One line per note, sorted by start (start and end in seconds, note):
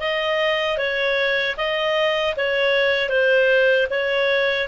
0.00 0.78 D#5
0.78 1.56 C#5
1.57 2.35 D#5
2.36 3.10 C#5
3.10 3.87 C5
3.90 4.68 C#5